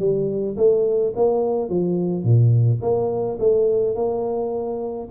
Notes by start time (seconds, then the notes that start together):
0.00 G3
0.57 A3
1.16 A#3
1.70 F3
2.24 A#2
2.82 A#3
3.40 A3
3.96 A#3